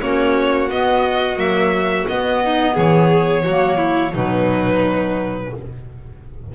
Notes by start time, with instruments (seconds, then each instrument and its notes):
0.00 double bass A#3, clarinet C#4, violin F#4 C#5
0.70 double bass B3, clarinet B3, violin D#5
1.36 clarinet F#3, double bass A#3, violin E5
2.07 clarinet B3, double bass B3, violin D#5
2.44 violin D#4
2.74 double bass E3, violin G#4 C#5
3.43 double bass F#3, clarinet A#3, violin F#4
3.77 violin E4
4.13 double bass B2, clarinet F#3, violin D#4 B4